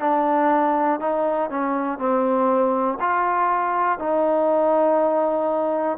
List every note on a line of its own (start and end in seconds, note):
0.00 1.00 D4
1.00 1.50 D#4
1.50 1.99 C#4
1.99 2.99 C4
3.00 3.99 F4
3.99 5.98 D#4